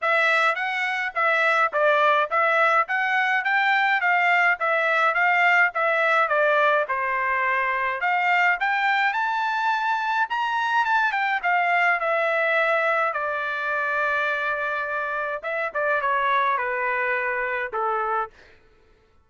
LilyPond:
\new Staff \with { instrumentName = "trumpet" } { \time 4/4 \tempo 4 = 105 e''4 fis''4 e''4 d''4 | e''4 fis''4 g''4 f''4 | e''4 f''4 e''4 d''4 | c''2 f''4 g''4 |
a''2 ais''4 a''8 g''8 | f''4 e''2 d''4~ | d''2. e''8 d''8 | cis''4 b'2 a'4 | }